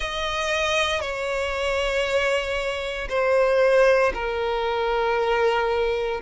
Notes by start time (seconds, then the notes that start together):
0.00 D#5
1.01 C#5
3.08 C5
4.14 A#4